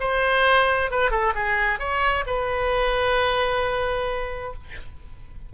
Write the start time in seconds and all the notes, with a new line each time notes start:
0.00 C5
0.91 B4
1.11 A4
1.35 G#4
1.79 C#5
2.26 B4